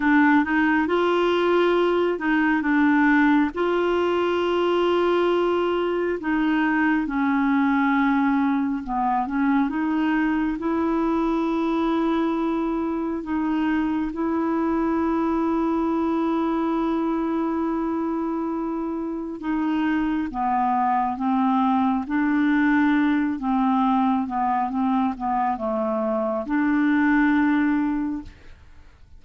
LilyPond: \new Staff \with { instrumentName = "clarinet" } { \time 4/4 \tempo 4 = 68 d'8 dis'8 f'4. dis'8 d'4 | f'2. dis'4 | cis'2 b8 cis'8 dis'4 | e'2. dis'4 |
e'1~ | e'2 dis'4 b4 | c'4 d'4. c'4 b8 | c'8 b8 a4 d'2 | }